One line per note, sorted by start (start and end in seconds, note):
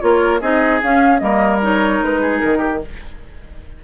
0.00 0.41 A#3
0.00 0.40 F4
0.00 0.40 A#4
0.00 0.40 C#5
0.40 0.81 C4
0.40 0.81 D#4
0.40 1.20 G#4
0.40 0.81 D#5
0.83 1.19 C#4
0.83 1.21 C#4
0.83 1.19 F5
1.19 2.01 G3
1.19 1.59 A#3
1.19 2.21 A#4
1.19 1.59 D#5
1.62 2.82 D#4
1.62 2.03 C#5
2.01 2.41 G#3
2.01 2.39 B4
2.21 2.58 G#4
2.39 2.84 D#3
2.39 2.79 A#4
2.58 2.78 G4